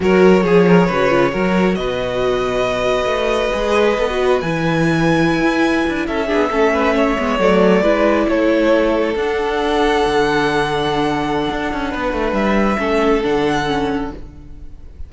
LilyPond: <<
  \new Staff \with { instrumentName = "violin" } { \time 4/4 \tempo 4 = 136 cis''1 | dis''1~ | dis''2 gis''2~ | gis''4.~ gis''16 e''2~ e''16~ |
e''8. d''2 cis''4~ cis''16~ | cis''8. fis''2.~ fis''16~ | fis''1 | e''2 fis''2 | }
  \new Staff \with { instrumentName = "violin" } { \time 4/4 ais'4 gis'8 ais'8 b'4 ais'4 | b'1~ | b'1~ | b'4.~ b'16 a'8 gis'8 a'8 b'8 cis''16~ |
cis''4.~ cis''16 b'4 a'4~ a'16~ | a'1~ | a'2. b'4~ | b'4 a'2. | }
  \new Staff \with { instrumentName = "viola" } { \time 4/4 fis'4 gis'4 fis'8 f'8 fis'4~ | fis'1 | gis'4 a'16 fis'8. e'2~ | e'2~ e'16 d'8 cis'4~ cis'16~ |
cis'16 b8 a4 e'2~ e'16~ | e'8. d'2.~ d'16~ | d'1~ | d'4 cis'4 d'4 cis'4 | }
  \new Staff \with { instrumentName = "cello" } { \time 4/4 fis4 f4 cis4 fis4 | b,2. a4 | gis4 b4 e2~ | e16 e'4 d'8 cis'8 b8 a4~ a16~ |
a16 gis8 fis4 gis4 a4~ a16~ | a8. d'2 d4~ d16~ | d2 d'8 cis'8 b8 a8 | g4 a4 d2 | }
>>